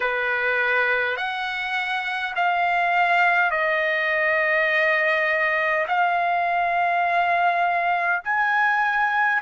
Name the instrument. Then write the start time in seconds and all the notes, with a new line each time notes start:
trumpet
0.00 B4
1.17 F#5
2.35 F5
3.50 D#5
5.87 F5
8.24 G#5